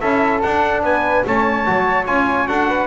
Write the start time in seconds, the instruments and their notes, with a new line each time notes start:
0.00 double bass C#4, trombone E4, flute A4, trumpet E5
0.42 double bass D4, trombone D4, trumpet F#5
0.82 double bass B3, flute B4, trumpet G#5
1.25 double bass A3, trombone C#4, flute C#5, trumpet A5
1.65 double bass F#3, trombone F#4
2.06 double bass C#4, trombone F4, trumpet G#5
2.47 double bass D4, trombone F#4, flute A4, trumpet F#5
2.68 flute B4